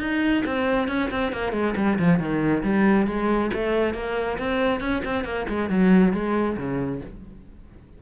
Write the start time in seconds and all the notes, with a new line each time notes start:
0.00 D#4
0.46 C4
0.88 C#4
1.11 C4
1.33 A#3
1.53 G#3
1.77 G3
1.99 F3
2.19 D#3
2.64 G3
3.07 G#3
3.54 A3
3.95 A#3
4.39 C4
4.81 C#4
5.05 C4
5.25 A#3
5.49 G#3
5.70 F#3
6.13 G#3
6.57 C#3